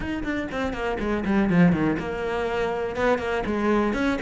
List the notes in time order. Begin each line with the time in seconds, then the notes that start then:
0.00 D#4
0.23 D4
0.51 C4
0.73 A#3
0.99 G#3
1.25 G3
1.49 F3
1.72 D#3
1.99 A#3
2.96 B3
3.18 A#3
3.46 G#3
3.93 C#4